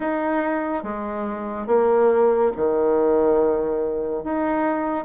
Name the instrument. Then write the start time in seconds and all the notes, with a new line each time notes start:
bassoon
0.00 D#4
0.83 G#3
1.67 A#3
2.56 D#3
4.23 D#4